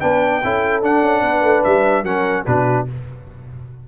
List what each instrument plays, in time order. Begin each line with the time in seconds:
0.00 tuba B3, trombone D4, horn B4, trumpet G5
0.44 tuba C#4, trombone E4, horn A4
0.82 tuba D4, trombone D4, trumpet F#5
1.02 tuba C#4
1.22 tuba B3, horn B4
1.42 tuba A3
1.63 tuba G3, trumpet E5
2.03 tuba F#3, trombone C#4, horn A#4, trumpet F#5
2.45 tuba B2, trombone D4, horn F#4, trumpet B4